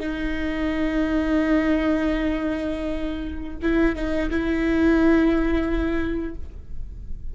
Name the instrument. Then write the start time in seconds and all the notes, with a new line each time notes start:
viola
0.00 D#4
3.62 E4
3.96 D#4
4.31 E4